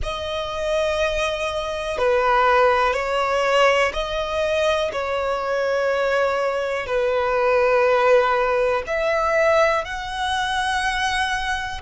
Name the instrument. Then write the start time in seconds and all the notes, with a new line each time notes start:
violin
0.03 D#5
1.98 B4
2.93 C#5
3.93 D#5
4.92 C#5
6.86 B4
8.86 E5
9.84 F#5